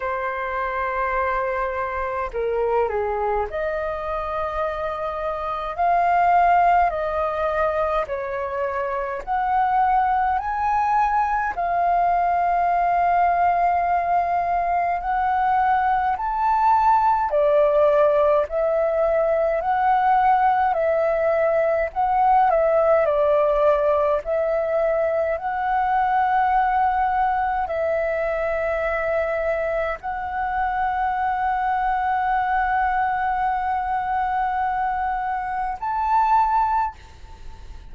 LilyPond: \new Staff \with { instrumentName = "flute" } { \time 4/4 \tempo 4 = 52 c''2 ais'8 gis'8 dis''4~ | dis''4 f''4 dis''4 cis''4 | fis''4 gis''4 f''2~ | f''4 fis''4 a''4 d''4 |
e''4 fis''4 e''4 fis''8 e''8 | d''4 e''4 fis''2 | e''2 fis''2~ | fis''2. a''4 | }